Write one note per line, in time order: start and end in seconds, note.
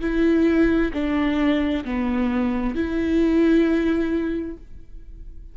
0.00 0.91 E4
0.93 1.84 D4
1.84 2.75 B3
2.75 4.57 E4